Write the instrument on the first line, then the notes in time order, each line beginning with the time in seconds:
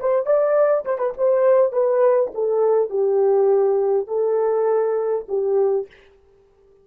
horn
0.00 C5
0.26 D5
0.85 C5
0.98 B4
1.18 C5
1.73 B4
2.35 A4
2.90 G4
4.08 A4
5.29 G4